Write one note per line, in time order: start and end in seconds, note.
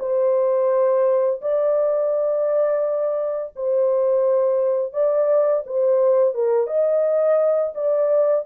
0.00 1.41 C5
1.42 3.54 D5
3.56 4.93 C5
4.93 5.64 D5
5.67 6.35 C5
6.35 6.67 A#4
6.67 7.73 D#5
7.75 8.45 D5